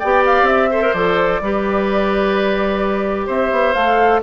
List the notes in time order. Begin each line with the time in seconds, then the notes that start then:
0.00 B3 G4 D5 G5
0.26 F5
0.42 C4 E5
0.71 A4 C5
0.83 A#4
0.93 F3 A4 D5
1.41 G3 G4 B4
3.27 C4 C5 E5
3.51 B3
3.74 A3 A4 F5